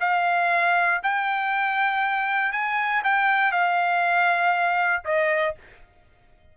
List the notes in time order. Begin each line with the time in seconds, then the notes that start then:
0.00 F5
1.03 G5
2.52 G#5
3.04 G5
3.52 F5
5.04 D#5